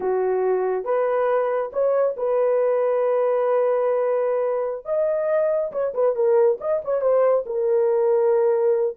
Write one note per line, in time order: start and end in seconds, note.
0.00 0.84 F#4
0.84 1.71 B4
1.72 2.15 C#5
2.16 4.85 B4
4.85 5.71 D#5
5.71 5.93 C#5
5.94 6.15 B4
6.15 6.58 A#4
6.60 6.82 D#5
6.84 7.01 C#5
7.01 7.44 C5
7.46 8.97 A#4